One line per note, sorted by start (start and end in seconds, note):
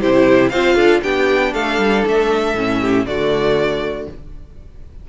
0.00 0.52 C3
0.00 0.51 E4
0.00 0.51 G4
0.00 0.49 C5
0.49 0.75 C4
0.49 1.02 F4
0.49 0.75 C5
0.49 1.00 F5
0.75 1.01 D4
0.75 1.00 A4
1.02 1.54 B3
1.02 2.55 D4
1.02 1.53 G4
1.02 1.53 G5
1.53 1.78 A3
1.53 2.80 A4
1.53 2.04 F5
1.78 2.03 G3
2.06 2.54 A3
2.06 3.06 E5
2.54 3.05 A2
2.54 3.06 C#4
2.80 3.05 G4
3.05 4.06 D3
3.05 4.08 A3
3.05 4.09 F#4
3.05 4.07 D5